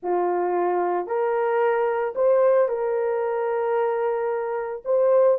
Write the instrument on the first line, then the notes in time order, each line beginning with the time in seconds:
horn
0.02 F4
1.06 A#4
2.15 C5
2.68 A#4
4.84 C5